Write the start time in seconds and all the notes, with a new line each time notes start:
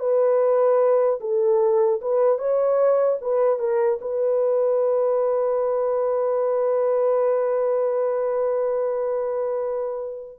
0.00 B4
1.21 A4
2.02 B4
2.39 C#5
3.21 B4
3.59 A#4
4.01 B4